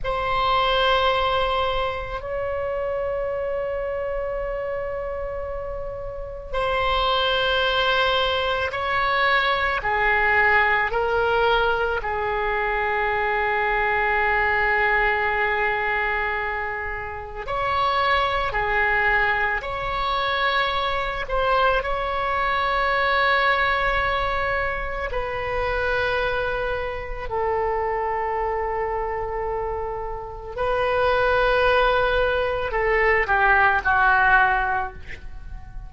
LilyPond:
\new Staff \with { instrumentName = "oboe" } { \time 4/4 \tempo 4 = 55 c''2 cis''2~ | cis''2 c''2 | cis''4 gis'4 ais'4 gis'4~ | gis'1 |
cis''4 gis'4 cis''4. c''8 | cis''2. b'4~ | b'4 a'2. | b'2 a'8 g'8 fis'4 | }